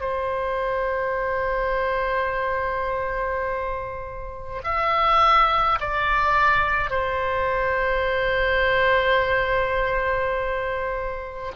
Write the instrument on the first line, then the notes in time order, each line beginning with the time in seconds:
oboe
0.00 C5
4.64 E5
5.80 D5
6.90 C5